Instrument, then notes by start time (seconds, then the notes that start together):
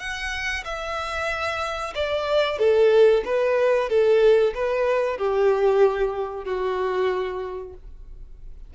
violin
0.00 F#5
0.65 E5
1.95 D5
2.59 A4
3.25 B4
3.89 A4
4.55 B4
5.18 G4
6.45 F#4